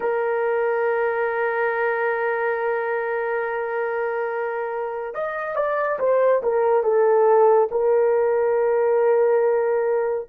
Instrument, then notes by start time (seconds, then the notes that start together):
horn
0.00 A#4
5.14 D#5
5.55 D5
5.99 C5
6.42 A#4
6.83 A4
7.71 A#4